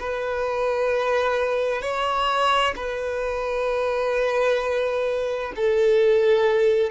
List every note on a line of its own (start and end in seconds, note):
0.00 1.82 B4
1.82 2.74 C#5
2.76 5.53 B4
5.56 6.91 A4